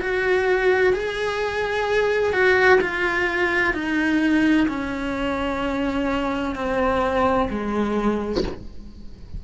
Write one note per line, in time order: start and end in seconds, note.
0.00 0.93 F#4
0.93 2.33 G#4
2.33 2.80 F#4
2.80 3.73 F4
3.73 4.67 D#4
4.68 6.55 C#4
6.55 7.48 C4
7.50 8.43 G#3